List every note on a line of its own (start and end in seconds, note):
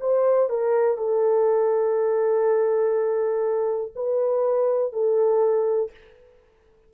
0.00 0.49 C5
0.49 0.97 A#4
0.97 3.92 A4
3.95 4.92 B4
4.92 5.91 A4